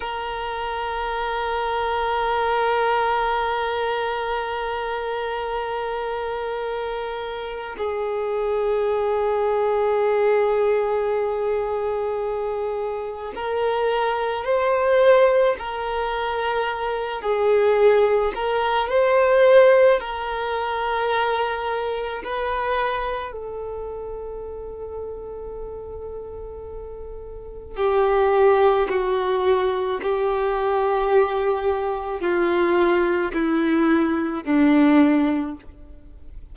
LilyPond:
\new Staff \with { instrumentName = "violin" } { \time 4/4 \tempo 4 = 54 ais'1~ | ais'2. gis'4~ | gis'1 | ais'4 c''4 ais'4. gis'8~ |
gis'8 ais'8 c''4 ais'2 | b'4 a'2.~ | a'4 g'4 fis'4 g'4~ | g'4 f'4 e'4 d'4 | }